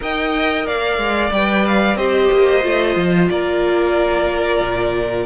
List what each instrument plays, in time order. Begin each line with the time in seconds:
0.00 cello D#4, viola A#4, violin D#5 G5
0.66 cello A#3, violin D5 F5
0.97 cello G#3
1.31 cello G3, viola B4, violin G5
1.66 violin F5
1.95 cello C4, viola G4, violin C5 D#5
2.31 cello A#3
2.61 cello A3, viola F4
2.95 cello F3
3.29 cello A#3, violin A#4 D5
4.60 cello A#2